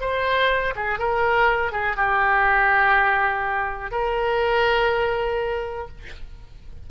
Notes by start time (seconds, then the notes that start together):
0.00 C5
0.76 G#4
0.98 A#4
1.72 G#4
1.96 G4
3.91 A#4